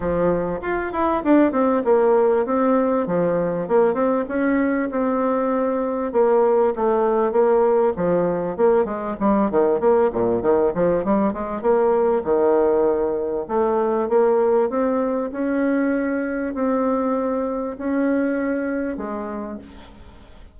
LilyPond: \new Staff \with { instrumentName = "bassoon" } { \time 4/4 \tempo 4 = 98 f4 f'8 e'8 d'8 c'8 ais4 | c'4 f4 ais8 c'8 cis'4 | c'2 ais4 a4 | ais4 f4 ais8 gis8 g8 dis8 |
ais8 ais,8 dis8 f8 g8 gis8 ais4 | dis2 a4 ais4 | c'4 cis'2 c'4~ | c'4 cis'2 gis4 | }